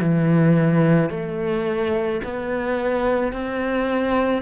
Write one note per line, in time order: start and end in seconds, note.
0.00 1.10 E3
1.10 2.21 A3
2.24 3.32 B3
3.32 4.42 C4